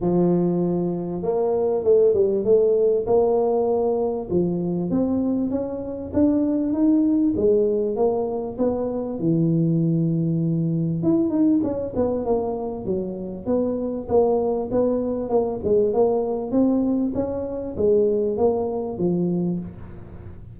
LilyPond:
\new Staff \with { instrumentName = "tuba" } { \time 4/4 \tempo 4 = 98 f2 ais4 a8 g8 | a4 ais2 f4 | c'4 cis'4 d'4 dis'4 | gis4 ais4 b4 e4~ |
e2 e'8 dis'8 cis'8 b8 | ais4 fis4 b4 ais4 | b4 ais8 gis8 ais4 c'4 | cis'4 gis4 ais4 f4 | }